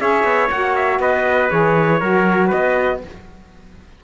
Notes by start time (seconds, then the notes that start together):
0.00 C#4 G#4 C#5 E5
0.24 B3
0.51 A#3 F#4 F#5
0.76 E5
1.00 B3 B4 D#5
1.50 E3 G#4 C#5
2.00 F#3 F#4 A#4
2.48 B4 D#5
2.54 B3